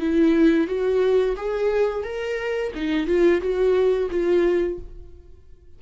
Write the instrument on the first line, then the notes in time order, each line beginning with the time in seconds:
viola
0.00 E4
0.67 F#4
1.36 G#4
2.04 A#4
2.75 D#4
3.07 F4
3.41 F#4
4.10 F4